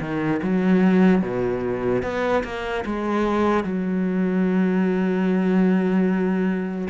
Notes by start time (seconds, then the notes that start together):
0.00 D#3
0.42 F#3
1.22 B2
2.03 B3
2.44 A#3
2.85 G#3
3.63 F#3